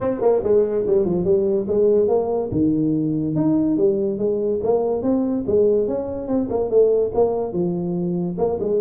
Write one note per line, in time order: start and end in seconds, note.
0.00 0.21 C4
0.21 0.42 A#3
0.43 0.85 G#3
0.86 1.05 G3
1.05 1.24 F3
1.24 1.66 G3
1.67 2.08 G#3
2.08 2.50 A#3
2.51 3.35 D#3
3.35 3.77 D#4
3.77 4.18 G3
4.18 4.60 G#3
4.63 5.02 A#3
5.02 5.44 C4
5.47 5.87 G#3
5.87 6.27 C#4
6.27 6.48 C4
6.49 6.69 A#3
6.69 7.11 A3
7.14 7.53 A#3
7.53 8.36 F3
8.38 8.59 A#3
8.60 8.81 G#3